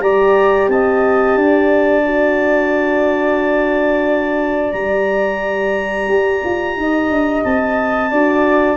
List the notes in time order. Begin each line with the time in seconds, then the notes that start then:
0.00 G3 G4 D5 A#5
0.68 C4 D#5 A5
1.36 D4 D5
2.06 F#4
4.73 G3 G4 A#5
6.08 G4
6.45 F4
6.77 D#4 D#5
7.10 D4
7.44 C4 A5
8.11 D4 F#4 D5